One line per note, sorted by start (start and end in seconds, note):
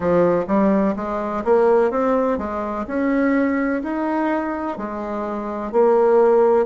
0.00 0.45 F3
0.47 0.94 G3
0.95 1.43 G#3
1.44 1.90 A#3
1.90 2.38 C4
2.38 2.85 G#3
2.87 3.82 C#4
3.82 4.77 D#4
4.77 5.71 G#3
5.71 6.66 A#3